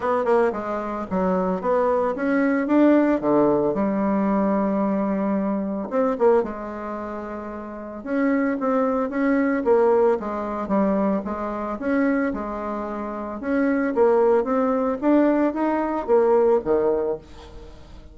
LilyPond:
\new Staff \with { instrumentName = "bassoon" } { \time 4/4 \tempo 4 = 112 b8 ais8 gis4 fis4 b4 | cis'4 d'4 d4 g4~ | g2. c'8 ais8 | gis2. cis'4 |
c'4 cis'4 ais4 gis4 | g4 gis4 cis'4 gis4~ | gis4 cis'4 ais4 c'4 | d'4 dis'4 ais4 dis4 | }